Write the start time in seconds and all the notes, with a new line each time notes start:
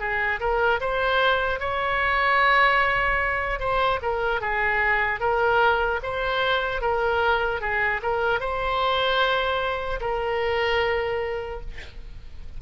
0.00 G#4
0.40 A#4
0.81 C5
1.60 C#5
3.60 C5
4.03 A#4
4.41 G#4
5.20 A#4
6.03 C5
6.81 A#4
7.61 G#4
8.03 A#4
8.40 C5
10.01 A#4